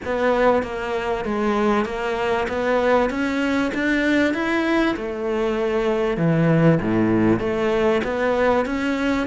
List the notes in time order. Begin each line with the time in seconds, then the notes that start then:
0.05 B3
0.62 A#3
1.24 G#3
1.85 A#3
2.48 B3
3.09 C#4
3.74 D4
4.34 E4
4.96 A3
6.17 E3
6.81 A2
7.39 A3
8.04 B3
8.65 C#4